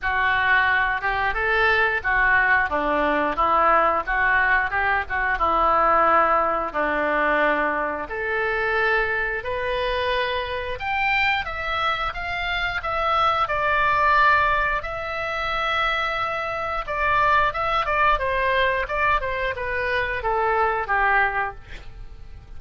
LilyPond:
\new Staff \with { instrumentName = "oboe" } { \time 4/4 \tempo 4 = 89 fis'4. g'8 a'4 fis'4 | d'4 e'4 fis'4 g'8 fis'8 | e'2 d'2 | a'2 b'2 |
g''4 e''4 f''4 e''4 | d''2 e''2~ | e''4 d''4 e''8 d''8 c''4 | d''8 c''8 b'4 a'4 g'4 | }